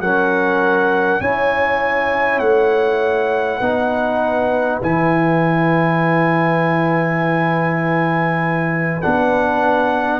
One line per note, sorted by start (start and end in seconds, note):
0.00 1.20 F#3
0.00 1.22 C#4
0.00 1.22 A#4
0.00 1.21 F#5
1.21 2.40 C#4
1.21 3.62 E4
1.21 3.58 C#5
1.21 2.39 G#5
2.39 3.60 A3
2.39 4.79 F#5
3.58 4.81 B3
3.58 4.82 D#4
3.58 10.18 B4
4.82 9.02 E3
4.82 9.02 E4
4.82 9.02 G#5
9.02 10.20 B3
9.02 10.20 D4
9.02 10.20 F#5